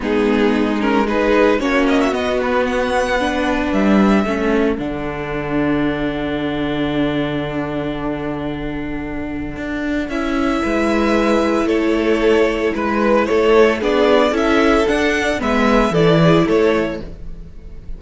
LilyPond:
<<
  \new Staff \with { instrumentName = "violin" } { \time 4/4 \tempo 4 = 113 gis'4. ais'8 b'4 cis''8 dis''16 e''16 | dis''8 b'8 fis''2 e''4~ | e''4 fis''2.~ | fis''1~ |
fis''2. e''4~ | e''2 cis''2 | b'4 cis''4 d''4 e''4 | fis''4 e''4 d''4 cis''4 | }
  \new Staff \with { instrumentName = "violin" } { \time 4/4 dis'2 gis'4 fis'4~ | fis'2 b'2 | a'1~ | a'1~ |
a'1 | b'2 a'2 | b'4 a'4 gis'4 a'4~ | a'4 b'4 a'8 gis'8 a'4 | }
  \new Staff \with { instrumentName = "viola" } { \time 4/4 b4. cis'8 dis'4 cis'4 | b2 d'2 | cis'4 d'2.~ | d'1~ |
d'2. e'4~ | e'1~ | e'2 d'4 e'4 | d'4 b4 e'2 | }
  \new Staff \with { instrumentName = "cello" } { \time 4/4 gis2. ais4 | b2. g4 | a4 d2.~ | d1~ |
d2 d'4 cis'4 | gis2 a2 | gis4 a4 b4 cis'4 | d'4 gis4 e4 a4 | }
>>